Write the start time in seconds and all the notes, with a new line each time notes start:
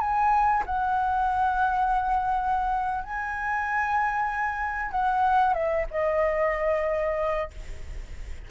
0.00 G#5
0.66 F#5
3.04 G#5
4.91 F#5
5.54 E5
5.91 D#5